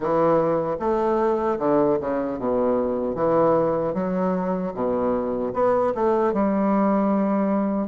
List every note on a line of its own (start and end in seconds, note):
0.00 0.76 E3
0.79 1.58 A3
1.58 1.98 D3
2.00 2.38 C#3
2.38 3.15 B2
3.15 3.94 E3
3.94 4.73 F#3
4.74 5.53 B2
5.53 5.93 B3
5.95 6.33 A3
6.33 7.87 G3